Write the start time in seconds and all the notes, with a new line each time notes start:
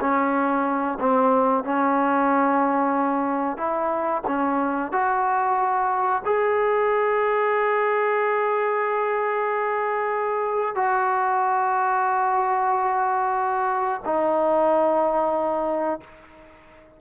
0.00 C#4
0.99 C4
1.64 C#4
3.57 E4
4.27 C#4
4.92 F#4
6.25 G#4
10.75 F#4
14.05 D#4